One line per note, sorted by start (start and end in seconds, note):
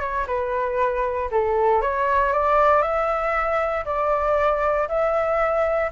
0.00 0.26 C#5
0.27 1.29 B4
1.31 1.81 A4
1.81 2.32 C#5
2.32 2.82 D5
2.82 3.84 E5
3.85 4.87 D5
4.88 5.90 E5